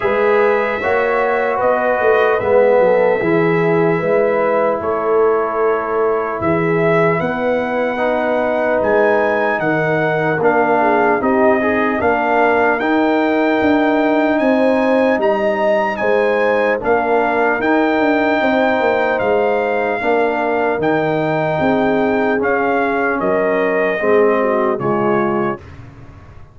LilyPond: <<
  \new Staff \with { instrumentName = "trumpet" } { \time 4/4 \tempo 4 = 75 e''2 dis''4 e''4~ | e''2 cis''2 | e''4 fis''2 gis''4 | fis''4 f''4 dis''4 f''4 |
g''2 gis''4 ais''4 | gis''4 f''4 g''2 | f''2 g''2 | f''4 dis''2 cis''4 | }
  \new Staff \with { instrumentName = "horn" } { \time 4/4 b'4 cis''4 b'4. a'8 | gis'4 b'4 a'2 | gis'4 b'2. | ais'4. gis'8 g'8 dis'8 ais'4~ |
ais'2 c''4 dis''4 | c''4 ais'2 c''4~ | c''4 ais'2 gis'4~ | gis'4 ais'4 gis'8 fis'8 f'4 | }
  \new Staff \with { instrumentName = "trombone" } { \time 4/4 gis'4 fis'2 b4 | e'1~ | e'2 dis'2~ | dis'4 d'4 dis'8 gis'8 d'4 |
dis'1~ | dis'4 d'4 dis'2~ | dis'4 d'4 dis'2 | cis'2 c'4 gis4 | }
  \new Staff \with { instrumentName = "tuba" } { \time 4/4 gis4 ais4 b8 a8 gis8 fis8 | e4 gis4 a2 | e4 b2 gis4 | dis4 ais4 c'4 ais4 |
dis'4 d'4 c'4 g4 | gis4 ais4 dis'8 d'8 c'8 ais8 | gis4 ais4 dis4 c'4 | cis'4 fis4 gis4 cis4 | }
>>